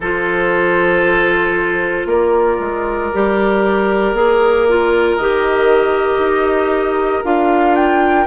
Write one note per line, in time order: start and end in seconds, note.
0.00 2.05 F3
0.00 3.13 F4
0.00 2.07 A4
0.00 2.06 C5
2.05 2.57 A#3
2.05 8.26 A#4
2.05 5.17 D5
2.59 3.11 G#3
3.13 4.12 G3
3.13 4.15 G4
4.12 5.16 A#3
4.12 4.67 G#4
4.68 5.20 F4
5.17 6.18 D#3
5.17 7.23 G4
5.17 7.23 D#5
6.18 7.21 D#4
7.23 8.26 D4
7.23 8.26 F4
7.23 7.75 F5
7.75 8.26 G5